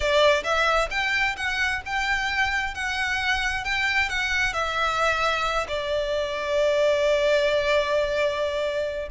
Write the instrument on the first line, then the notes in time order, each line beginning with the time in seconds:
violin
0.00 D5
0.43 E5
0.90 G5
1.36 F#5
1.85 G5
2.74 F#5
3.64 G5
4.09 F#5
4.53 E5
5.68 D5